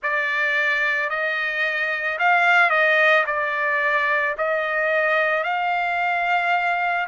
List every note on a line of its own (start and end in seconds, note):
0.02 1.09 D5
1.09 2.18 D#5
2.18 2.70 F5
2.70 3.24 D#5
3.26 4.35 D5
4.37 5.43 D#5
5.43 7.07 F5